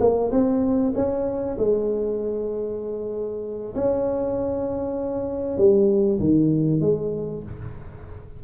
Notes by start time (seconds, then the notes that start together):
0.00 A#3
0.31 C4
0.95 C#4
1.58 G#3
3.75 C#4
5.57 G3
6.20 D#3
6.81 G#3